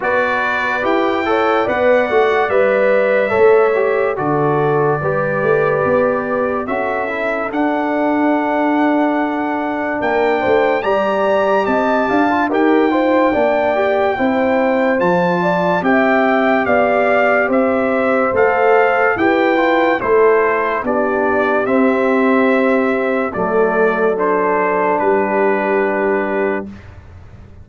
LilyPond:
<<
  \new Staff \with { instrumentName = "trumpet" } { \time 4/4 \tempo 4 = 72 d''4 g''4 fis''4 e''4~ | e''4 d''2. | e''4 fis''2. | g''4 ais''4 a''4 g''4~ |
g''2 a''4 g''4 | f''4 e''4 f''4 g''4 | c''4 d''4 e''2 | d''4 c''4 b'2 | }
  \new Staff \with { instrumentName = "horn" } { \time 4/4 b'4. cis''8 d''2 | cis''4 a'4 b'2 | a'1 | ais'8 c''8 d''4 dis''8 f''8 ais'8 c''8 |
d''4 c''4. d''8 e''4 | d''4 c''2 b'4 | a'4 g'2. | a'2 g'2 | }
  \new Staff \with { instrumentName = "trombone" } { \time 4/4 fis'4 g'8 a'8 b'8 fis'8 b'4 | a'8 g'8 fis'4 g'2 | fis'8 e'8 d'2.~ | d'4 g'4.~ g'16 f'16 g'8 f'8 |
d'8 g'8 e'4 f'4 g'4~ | g'2 a'4 g'8 f'8 | e'4 d'4 c'2 | a4 d'2. | }
  \new Staff \with { instrumentName = "tuba" } { \time 4/4 b4 e'4 b8 a8 g4 | a4 d4 g8 a8 b4 | cis'4 d'2. | ais8 a8 g4 c'8 d'8 dis'4 |
ais4 c'4 f4 c'4 | b4 c'4 a4 e'4 | a4 b4 c'2 | fis2 g2 | }
>>